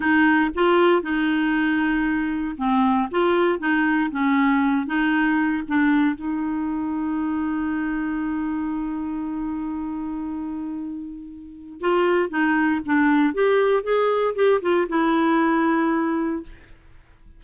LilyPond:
\new Staff \with { instrumentName = "clarinet" } { \time 4/4 \tempo 4 = 117 dis'4 f'4 dis'2~ | dis'4 c'4 f'4 dis'4 | cis'4. dis'4. d'4 | dis'1~ |
dis'1~ | dis'2. f'4 | dis'4 d'4 g'4 gis'4 | g'8 f'8 e'2. | }